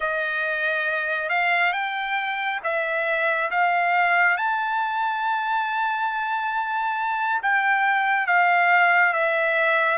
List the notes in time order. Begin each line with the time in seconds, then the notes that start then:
0.00 D#5
1.29 F5
1.72 G5
2.63 E5
3.51 F5
4.37 A5
7.42 G5
8.26 F5
9.13 E5